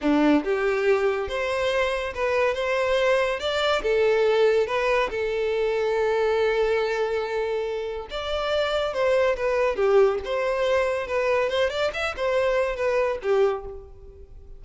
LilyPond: \new Staff \with { instrumentName = "violin" } { \time 4/4 \tempo 4 = 141 d'4 g'2 c''4~ | c''4 b'4 c''2 | d''4 a'2 b'4 | a'1~ |
a'2. d''4~ | d''4 c''4 b'4 g'4 | c''2 b'4 c''8 d''8 | e''8 c''4. b'4 g'4 | }